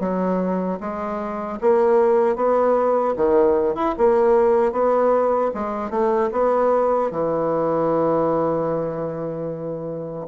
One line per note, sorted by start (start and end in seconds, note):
0.00 0.79 F#3
0.80 1.59 G#3
1.61 2.36 A#3
2.36 3.15 B3
3.17 3.75 D#3
3.75 3.95 E4
3.98 4.72 A#3
4.72 5.51 B3
5.54 5.90 G#3
5.90 6.30 A3
6.32 7.11 B3
7.11 10.27 E3